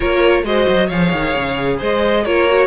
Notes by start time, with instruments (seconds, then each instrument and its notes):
0.00 cello A#3, viola F4, violin A#4 C#5
0.43 cello G#3, viola F#4, violin C5 D#5
0.68 cello F#3
0.87 cello F3, viola G#4, violin C#5 F5
1.12 cello D#3
1.35 cello C#3
1.77 cello G#3, violin C5 D#5
2.25 cello A#3, viola F4, violin A#4 C#5
2.47 viola F#4